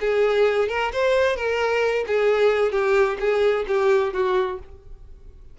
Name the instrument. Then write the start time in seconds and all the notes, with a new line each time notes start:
violin
0.00 G#4
0.69 A#4
0.92 C5
1.36 A#4
2.07 G#4
2.72 G4
3.20 G#4
3.67 G4
4.13 F#4